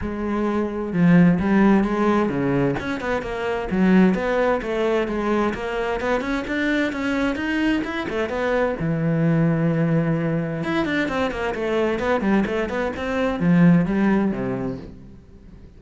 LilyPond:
\new Staff \with { instrumentName = "cello" } { \time 4/4 \tempo 4 = 130 gis2 f4 g4 | gis4 cis4 cis'8 b8 ais4 | fis4 b4 a4 gis4 | ais4 b8 cis'8 d'4 cis'4 |
dis'4 e'8 a8 b4 e4~ | e2. e'8 d'8 | c'8 ais8 a4 b8 g8 a8 b8 | c'4 f4 g4 c4 | }